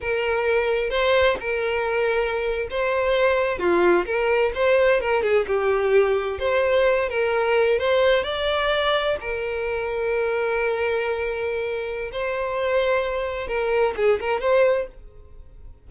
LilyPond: \new Staff \with { instrumentName = "violin" } { \time 4/4 \tempo 4 = 129 ais'2 c''4 ais'4~ | ais'4.~ ais'16 c''2 f'16~ | f'8. ais'4 c''4 ais'8 gis'8 g'16~ | g'4.~ g'16 c''4. ais'8.~ |
ais'8. c''4 d''2 ais'16~ | ais'1~ | ais'2 c''2~ | c''4 ais'4 gis'8 ais'8 c''4 | }